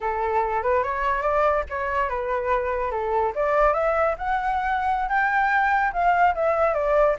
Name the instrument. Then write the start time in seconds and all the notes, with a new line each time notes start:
flute
0.00 A4
0.62 B4
0.83 C#5
1.21 D5
1.69 C#5
2.09 B4
2.91 A4
3.35 D5
3.73 E5
4.18 F#5
5.08 G5
5.92 F5
6.34 E5
6.74 D5